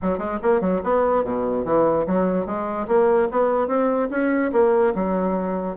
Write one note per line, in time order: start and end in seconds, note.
0.02 0.18 F#3
0.18 0.38 G#3
0.42 0.61 A#3
0.61 0.81 F#3
0.83 1.23 B3
1.23 1.64 B2
1.64 2.05 E3
2.07 2.45 F#3
2.45 2.87 G#3
2.87 3.28 A#3
3.31 3.67 B3
3.67 4.08 C4
4.10 4.51 C#4
4.52 4.93 A#3
4.94 5.76 F#3